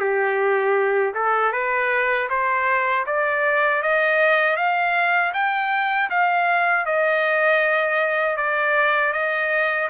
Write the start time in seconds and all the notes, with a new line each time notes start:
0.00 G4
1.15 A4
1.53 B4
2.30 C5
3.07 D5
3.83 D#5
4.57 F5
5.34 G5
6.10 F5
6.86 D#5
8.37 D5
9.13 D#5